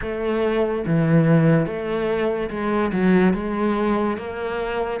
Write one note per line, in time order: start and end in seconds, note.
0.01 0.84 A3
0.86 1.66 E3
1.66 2.49 A3
2.50 2.91 G#3
2.92 3.33 F#3
3.33 4.17 G#3
4.17 5.00 A#3